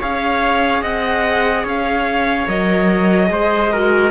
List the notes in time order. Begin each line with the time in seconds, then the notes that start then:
0.00 C#4 G#4 C#5 F5
0.82 C4 D#5 F#5
1.64 C#4 C#5 F5
2.48 F#3 A#4 D#5
3.27 G#3 G#4 C5
3.73 F#4 A#4